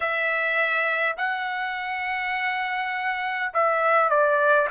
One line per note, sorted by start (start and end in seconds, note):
0.00 1.16 E5
1.17 3.52 F#5
3.53 4.09 E5
4.09 4.68 D5